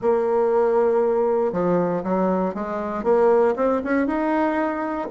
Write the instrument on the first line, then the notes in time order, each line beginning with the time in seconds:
bassoon
0.01 A#3
1.52 F3
2.03 F#3
2.54 G#3
3.03 A#3
3.56 C4
3.84 C#4
4.07 D#4